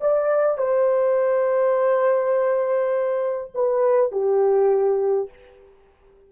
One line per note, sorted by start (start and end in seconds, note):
0.00 0.57 D5
0.57 3.51 C5
3.54 4.11 B4
4.11 5.29 G4